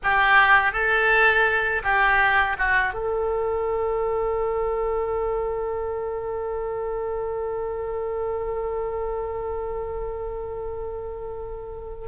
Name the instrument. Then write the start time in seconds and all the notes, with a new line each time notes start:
oboe
0.03 G4
0.72 A4
1.83 G4
2.58 F#4
2.93 A4